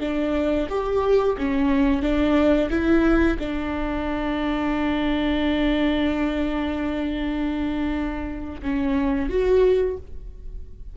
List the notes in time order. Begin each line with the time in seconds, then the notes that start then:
0.00 D4
0.70 G4
1.38 C#4
2.02 D4
2.70 E4
3.39 D4
8.62 C#4
9.30 F#4